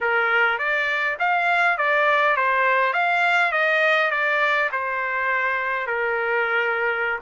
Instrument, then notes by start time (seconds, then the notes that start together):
trumpet
0.00 A#4
0.58 D5
1.19 F5
1.77 D5
2.36 C5
2.93 F5
3.52 D#5
4.10 D5
4.71 C5
5.86 A#4